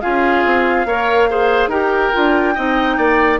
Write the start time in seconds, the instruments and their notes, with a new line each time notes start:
0.00 bassoon C#4, clarinet F4, oboe G#4, flute F5
0.44 bassoon C4
0.85 bassoon A#3, clarinet A#4, oboe C#5
1.30 clarinet G#4, oboe C5
1.67 bassoon D#4, clarinet G4, oboe A#4, flute G5
2.12 bassoon D4, clarinet F4
2.54 bassoon C4, clarinet D#4, oboe D#5
2.97 bassoon A#3, oboe D5